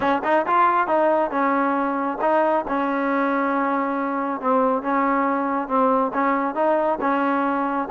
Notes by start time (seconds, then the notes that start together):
0.00 C#4
0.24 D#4
0.46 F4
0.87 D#4
1.30 C#4
2.21 D#4
2.68 C#4
4.40 C4
4.82 C#4
5.68 C4
6.13 C#4
6.55 D#4
7.01 C#4